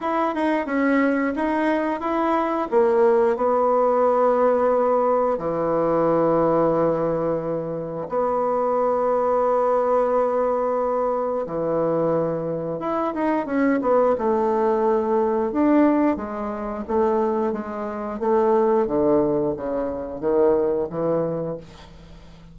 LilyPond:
\new Staff \with { instrumentName = "bassoon" } { \time 4/4 \tempo 4 = 89 e'8 dis'8 cis'4 dis'4 e'4 | ais4 b2. | e1 | b1~ |
b4 e2 e'8 dis'8 | cis'8 b8 a2 d'4 | gis4 a4 gis4 a4 | d4 cis4 dis4 e4 | }